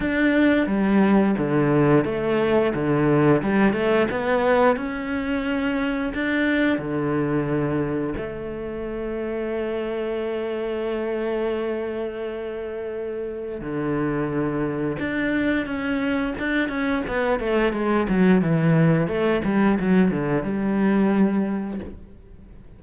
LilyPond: \new Staff \with { instrumentName = "cello" } { \time 4/4 \tempo 4 = 88 d'4 g4 d4 a4 | d4 g8 a8 b4 cis'4~ | cis'4 d'4 d2 | a1~ |
a1 | d2 d'4 cis'4 | d'8 cis'8 b8 a8 gis8 fis8 e4 | a8 g8 fis8 d8 g2 | }